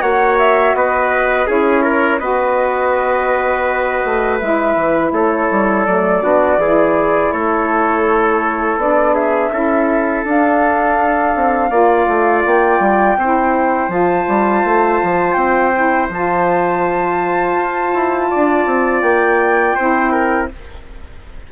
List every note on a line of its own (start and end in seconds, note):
0.00 0.74 A#3
0.00 1.46 F#4
0.00 0.75 C#5
0.00 0.37 F#5
0.39 0.75 E5
0.74 1.48 B3
0.74 1.47 B4
0.74 1.49 D#5
1.46 2.20 C#4
1.46 2.20 E4
1.46 1.82 G#4
1.46 2.19 C#5
1.82 2.19 A#4
2.19 4.03 B3
2.19 4.40 F#4
2.19 5.13 B4
2.19 4.39 D#5
4.05 4.41 A3
4.39 4.75 G#3
4.39 5.87 E4
4.39 5.12 E5
4.75 5.12 E3
5.12 5.49 A3
5.12 6.23 A4
5.12 5.86 C#5
5.51 5.87 G3
5.86 6.23 F#3
5.86 6.23 A3
5.86 7.32 D5
6.23 6.58 B3
6.23 6.59 D4
6.23 6.60 F#4
6.58 7.31 E3
6.58 8.80 E4
6.58 7.33 G#4
7.32 8.77 A3
7.32 9.14 A4
7.32 8.79 C#5
8.77 9.50 B3
8.77 9.52 D4
8.77 9.15 D5
9.14 9.51 G#4
9.14 10.25 E5
9.52 10.24 C#4
9.52 10.25 E4
9.52 11.71 A4
10.24 11.34 D4
10.24 11.71 D4
10.24 12.45 F5
11.36 11.71 C4
11.71 12.07 A#3
11.71 13.17 F4
11.71 13.17 D5
12.08 12.44 A3
12.45 12.80 A#3
12.45 13.91 G5
12.80 13.16 G3
13.18 13.89 C4
13.18 13.89 E4
13.18 18.31 C5
13.89 14.25 F3
13.89 15.72 F4
13.89 15.34 A5
14.28 14.64 G3
14.64 15.01 A3
15.03 15.36 F3
15.34 16.09 C4
15.34 16.07 G5
15.74 16.11 E4
16.10 17.56 F3
16.10 19.78 F4
16.10 19.02 A5
17.56 17.93 F4
17.94 18.31 E4
18.31 18.66 D4
18.31 19.76 D5
18.66 19.02 C4
19.02 19.76 A#3
19.02 20.48 G5
19.76 20.52 C4
19.76 20.51 E4
19.76 20.12 C5
20.12 20.49 A#4